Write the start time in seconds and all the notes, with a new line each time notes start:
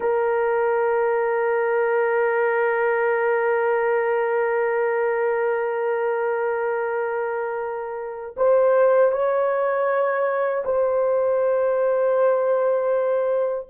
0.00 A#4
8.36 C5
9.11 C#5
10.64 C5